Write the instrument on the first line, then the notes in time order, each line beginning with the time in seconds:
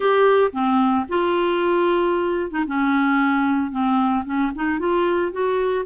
clarinet
0.00 G4
0.52 C4
1.08 F4
2.51 D#4
2.67 C#4
3.71 C4
4.25 C#4
4.55 D#4
4.79 F4
5.31 F#4